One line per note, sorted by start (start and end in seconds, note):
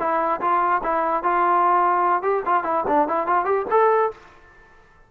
0.00 0.41 E4
0.41 0.82 F4
0.83 1.24 E4
1.24 2.23 F4
2.23 2.43 G4
2.46 2.64 F4
2.64 2.84 E4
2.88 3.08 D4
3.09 3.27 E4
3.27 3.45 F4
3.45 3.66 G4
3.71 4.12 A4